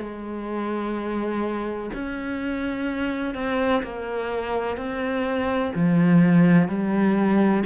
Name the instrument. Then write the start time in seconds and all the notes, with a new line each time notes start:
cello
0.00 G#3
1.94 C#4
3.35 C4
3.83 A#3
4.77 C4
5.75 F3
6.68 G3